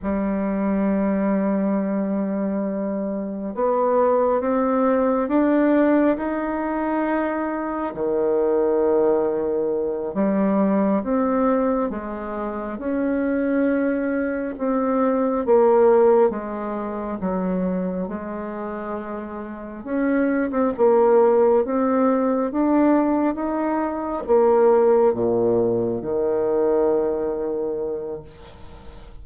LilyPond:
\new Staff \with { instrumentName = "bassoon" } { \time 4/4 \tempo 4 = 68 g1 | b4 c'4 d'4 dis'4~ | dis'4 dis2~ dis8 g8~ | g8 c'4 gis4 cis'4.~ |
cis'8 c'4 ais4 gis4 fis8~ | fis8 gis2 cis'8. c'16 ais8~ | ais8 c'4 d'4 dis'4 ais8~ | ais8 ais,4 dis2~ dis8 | }